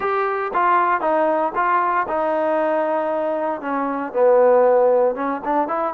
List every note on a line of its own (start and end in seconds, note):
0.00 0.51 G4
0.53 1.00 F4
1.00 1.52 D#4
1.55 2.06 F4
2.08 3.61 D#4
3.61 4.12 C#4
4.12 5.15 B3
5.15 5.41 C#4
5.44 5.68 D4
5.68 5.93 E4